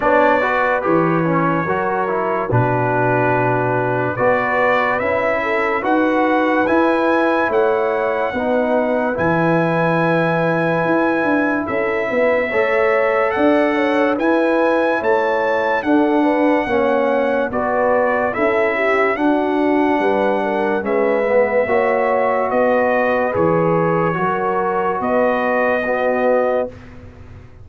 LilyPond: <<
  \new Staff \with { instrumentName = "trumpet" } { \time 4/4 \tempo 4 = 72 d''4 cis''2 b'4~ | b'4 d''4 e''4 fis''4 | gis''4 fis''2 gis''4~ | gis''2 e''2 |
fis''4 gis''4 a''4 fis''4~ | fis''4 d''4 e''4 fis''4~ | fis''4 e''2 dis''4 | cis''2 dis''2 | }
  \new Staff \with { instrumentName = "horn" } { \time 4/4 cis''8 b'4. ais'4 fis'4~ | fis'4 b'4. a'8 b'4~ | b'4 cis''4 b'2~ | b'2 a'8 b'8 cis''4 |
d''8 cis''8 b'4 cis''4 a'8 b'8 | cis''4 b'4 a'8 g'8 fis'4 | b'8 ais'8 b'4 cis''4 b'4~ | b'4 ais'4 b'4 fis'4 | }
  \new Staff \with { instrumentName = "trombone" } { \time 4/4 d'8 fis'8 g'8 cis'8 fis'8 e'8 d'4~ | d'4 fis'4 e'4 fis'4 | e'2 dis'4 e'4~ | e'2. a'4~ |
a'4 e'2 d'4 | cis'4 fis'4 e'4 d'4~ | d'4 cis'8 b8 fis'2 | gis'4 fis'2 b4 | }
  \new Staff \with { instrumentName = "tuba" } { \time 4/4 b4 e4 fis4 b,4~ | b,4 b4 cis'4 dis'4 | e'4 a4 b4 e4~ | e4 e'8 d'8 cis'8 b8 a4 |
d'4 e'4 a4 d'4 | ais4 b4 cis'4 d'4 | g4 gis4 ais4 b4 | e4 fis4 b2 | }
>>